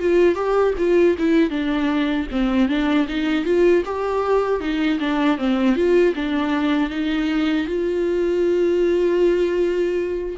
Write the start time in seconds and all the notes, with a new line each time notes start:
0.00 F4
0.36 G4
0.79 F4
1.19 E4
1.50 D4
2.32 C4
2.69 D4
3.09 D#4
3.45 F4
3.86 G4
4.61 D#4
5.00 D4
5.38 C4
5.76 F4
6.16 D4
6.91 D#4
7.67 F4